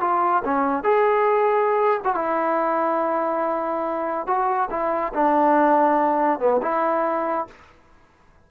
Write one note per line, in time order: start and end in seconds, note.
0.00 0.43 F4
0.44 0.83 C#4
0.83 2.00 G#4
2.04 2.15 F#4
2.15 4.26 E4
4.26 4.69 F#4
4.70 5.13 E4
5.14 6.39 D4
6.39 6.61 B3
6.62 7.47 E4